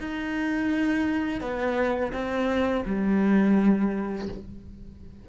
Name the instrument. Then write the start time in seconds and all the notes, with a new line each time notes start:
cello
0.00 D#4
1.41 B3
2.13 C4
2.86 G3